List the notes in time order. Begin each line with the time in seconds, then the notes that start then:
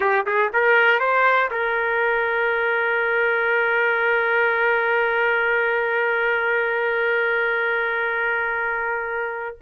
0.00 G4
0.25 G#4
0.53 A#4
0.99 C5
1.50 A#4